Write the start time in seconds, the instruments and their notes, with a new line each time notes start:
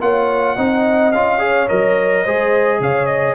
0.00 tuba A#3, trombone F4, horn C#5, trumpet F#5
0.55 tuba C4, trombone D#4, horn D#5
1.12 tuba C#4, trombone F4, trumpet F5
1.38 trombone G#4, horn C#5
1.68 tuba F#3, trombone A#4, trumpet D#5
2.23 tuba G#3, trombone G#4, horn C5
2.80 tuba C#3, horn C#5, trumpet F5
3.06 trumpet D#5